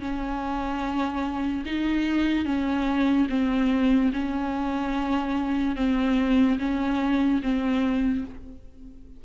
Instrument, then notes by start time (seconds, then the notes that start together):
viola
0.00 C#4
1.66 D#4
2.45 C#4
3.30 C4
4.13 C#4
5.76 C4
6.59 C#4
7.42 C4